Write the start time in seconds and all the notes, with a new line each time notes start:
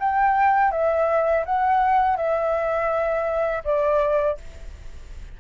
0.00 G5
0.72 E5
1.46 F#5
2.17 E5
3.64 D5